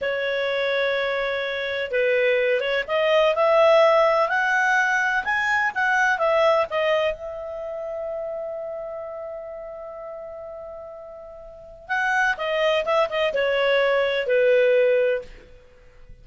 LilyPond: \new Staff \with { instrumentName = "clarinet" } { \time 4/4 \tempo 4 = 126 cis''1 | b'4. cis''8 dis''4 e''4~ | e''4 fis''2 gis''4 | fis''4 e''4 dis''4 e''4~ |
e''1~ | e''1~ | e''4 fis''4 dis''4 e''8 dis''8 | cis''2 b'2 | }